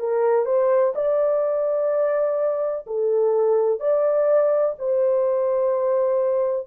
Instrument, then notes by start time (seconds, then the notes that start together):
horn
0.00 A#4
0.46 C5
0.96 D5
2.87 A4
3.80 D5
4.79 C5